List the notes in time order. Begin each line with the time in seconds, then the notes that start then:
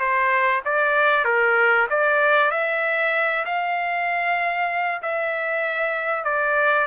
0.00 C5
0.65 D5
1.25 A#4
1.90 D5
2.52 E5
3.46 F5
5.03 E5
6.25 D5